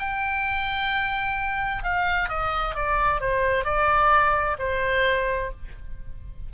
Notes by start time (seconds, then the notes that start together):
0.00 G5
1.84 F5
2.30 D#5
2.75 D5
3.21 C5
3.65 D5
4.59 C5